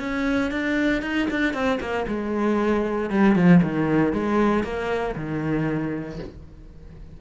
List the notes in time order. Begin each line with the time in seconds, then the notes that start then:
0.00 C#4
0.52 D4
1.03 D#4
1.31 D4
1.54 C4
1.81 A#3
2.08 G#3
3.10 G3
3.36 F3
3.63 D#3
4.13 G#3
4.64 A#3
5.16 D#3